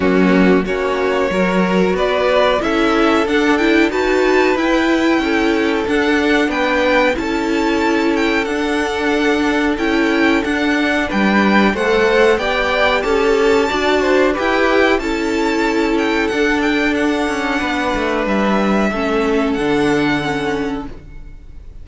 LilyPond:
<<
  \new Staff \with { instrumentName = "violin" } { \time 4/4 \tempo 4 = 92 fis'4 cis''2 d''4 | e''4 fis''8 g''8 a''4 g''4~ | g''4 fis''4 g''4 a''4~ | a''8 g''8 fis''2 g''4 |
fis''4 g''4 fis''4 g''4 | a''2 g''4 a''4~ | a''8 g''8 fis''8 g''8 fis''2 | e''2 fis''2 | }
  \new Staff \with { instrumentName = "violin" } { \time 4/4 cis'4 fis'4 ais'4 b'4 | a'2 b'2 | a'2 b'4 a'4~ | a'1~ |
a'4 b'4 c''4 d''4 | a'4 d''8 c''8 b'4 a'4~ | a'2. b'4~ | b'4 a'2. | }
  \new Staff \with { instrumentName = "viola" } { \time 4/4 ais4 cis'4 fis'2 | e'4 d'8 e'8 fis'4 e'4~ | e'4 d'2 e'4~ | e'4 d'2 e'4 |
d'2 a'4 g'4~ | g'4 fis'4 g'4 e'4~ | e'4 d'2.~ | d'4 cis'4 d'4 cis'4 | }
  \new Staff \with { instrumentName = "cello" } { \time 4/4 fis4 ais4 fis4 b4 | cis'4 d'4 dis'4 e'4 | cis'4 d'4 b4 cis'4~ | cis'4 d'2 cis'4 |
d'4 g4 a4 b4 | cis'4 d'4 e'4 cis'4~ | cis'4 d'4. cis'8 b8 a8 | g4 a4 d2 | }
>>